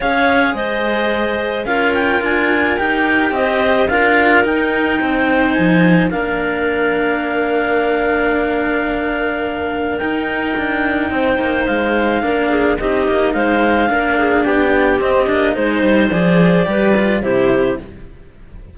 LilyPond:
<<
  \new Staff \with { instrumentName = "clarinet" } { \time 4/4 \tempo 4 = 108 f''4 dis''2 f''8 g''8 | gis''4 g''4 dis''4 f''4 | g''2 gis''4 f''4~ | f''1~ |
f''2 g''2~ | g''4 f''2 dis''4 | f''2 g''4 dis''4 | c''4 d''2 c''4 | }
  \new Staff \with { instrumentName = "clarinet" } { \time 4/4 cis''4 c''2 ais'4~ | ais'2 c''4 ais'4~ | ais'4 c''2 ais'4~ | ais'1~ |
ais'1 | c''2 ais'8 gis'8 g'4 | c''4 ais'8 gis'8 g'2 | c''2 b'4 g'4 | }
  \new Staff \with { instrumentName = "cello" } { \time 4/4 gis'2. f'4~ | f'4 g'2 f'4 | dis'2. d'4~ | d'1~ |
d'2 dis'2~ | dis'2 d'4 dis'4~ | dis'4 d'2 c'8 d'8 | dis'4 gis'4 g'8 f'8 e'4 | }
  \new Staff \with { instrumentName = "cello" } { \time 4/4 cis'4 gis2 cis'4 | d'4 dis'4 c'4 d'4 | dis'4 c'4 f4 ais4~ | ais1~ |
ais2 dis'4 d'4 | c'8 ais8 gis4 ais4 c'8 ais8 | gis4 ais4 b4 c'8 ais8 | gis8 g8 f4 g4 c4 | }
>>